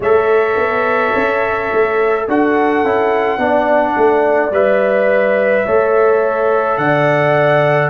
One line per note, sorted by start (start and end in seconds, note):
0.00 0.56 A3
0.00 2.28 A4
0.00 2.24 C#5
0.00 2.29 E5
0.56 1.12 B3
1.14 1.71 C#4
1.72 2.28 A3
2.27 2.83 D4
2.27 2.85 F#4
2.27 3.40 A4
2.27 4.53 F#5
2.83 3.38 C#4
2.83 3.38 E4
3.38 3.94 B3
3.38 4.51 D4
3.38 5.65 D5
3.96 4.50 A3
4.50 5.64 G3
4.50 5.66 B4
4.50 6.77 E5
5.65 6.77 A3
5.65 7.90 A4
5.65 6.78 C#5
6.77 7.90 D3
6.77 7.90 D5
6.77 7.90 F#5